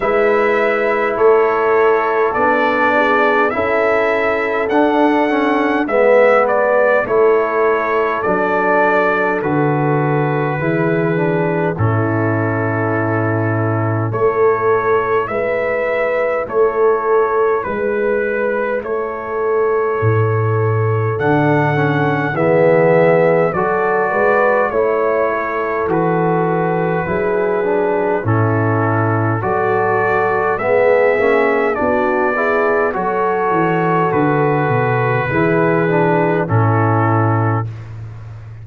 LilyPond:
<<
  \new Staff \with { instrumentName = "trumpet" } { \time 4/4 \tempo 4 = 51 e''4 cis''4 d''4 e''4 | fis''4 e''8 d''8 cis''4 d''4 | b'2 a'2 | cis''4 e''4 cis''4 b'4 |
cis''2 fis''4 e''4 | d''4 cis''4 b'2 | a'4 d''4 e''4 d''4 | cis''4 b'2 a'4 | }
  \new Staff \with { instrumentName = "horn" } { \time 4/4 b'4 a'4. gis'8 a'4~ | a'4 b'4 a'2~ | a'4 gis'4 e'2 | a'4 b'4 a'4 b'4 |
a'2. gis'4 | a'8 b'8 cis''8 a'4. gis'4 | e'4 a'4 gis'4 fis'8 gis'8 | a'2 gis'4 e'4 | }
  \new Staff \with { instrumentName = "trombone" } { \time 4/4 e'2 d'4 e'4 | d'8 cis'8 b4 e'4 d'4 | fis'4 e'8 d'8 cis'2 | e'1~ |
e'2 d'8 cis'8 b4 | fis'4 e'4 fis'4 e'8 d'8 | cis'4 fis'4 b8 cis'8 d'8 e'8 | fis'2 e'8 d'8 cis'4 | }
  \new Staff \with { instrumentName = "tuba" } { \time 4/4 gis4 a4 b4 cis'4 | d'4 gis4 a4 fis4 | d4 e4 a,2 | a4 gis4 a4 gis4 |
a4 a,4 d4 e4 | fis8 gis8 a4 e4 fis4 | a,4 fis4 gis8 ais8 b4 | fis8 e8 d8 b,8 e4 a,4 | }
>>